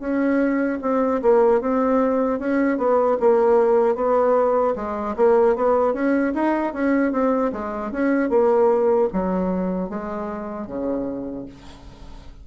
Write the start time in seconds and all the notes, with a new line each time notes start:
0.00 C#4
0.82 C4
1.22 A#3
1.61 C4
2.39 C#4
2.78 B3
3.20 A#3
3.95 B3
4.76 G#3
5.17 A#3
5.56 B3
5.94 C#4
6.34 D#4
6.74 C#4
7.12 C4
7.53 G#3
7.92 C#4
8.30 A#3
9.13 F#3
9.89 G#3
10.67 C#3